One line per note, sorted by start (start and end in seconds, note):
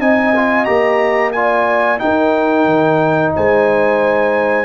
0.00 0.67 C4
0.00 0.34 D#4
0.00 1.34 D#5
0.00 0.65 G#5
0.36 0.66 F4
0.65 2.01 A#3
0.65 1.32 G4
0.65 1.32 A#5
1.32 1.98 F4
1.32 2.02 D5
1.32 1.99 G#5
1.98 4.65 D#4
1.98 2.65 D#4
1.98 3.36 A#4
1.98 3.33 G5
2.65 3.32 D#3
3.36 4.65 G#3
3.36 4.65 C5
3.36 4.65 G#5